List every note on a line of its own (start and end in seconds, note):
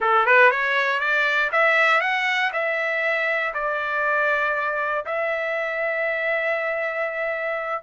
0.00 0.26 A4
0.26 0.50 B4
0.50 1.00 C#5
1.00 1.50 D5
1.51 2.00 E5
2.00 2.51 F#5
2.53 3.53 E5
3.54 5.05 D5
5.05 7.82 E5